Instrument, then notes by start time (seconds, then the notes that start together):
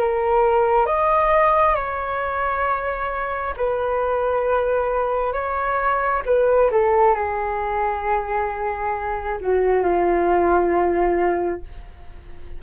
flute
0.00 A#4
0.86 D#5
1.75 C#5
3.57 B4
5.33 C#5
6.26 B4
6.72 A4
7.15 G#4
9.41 F#4
9.83 F4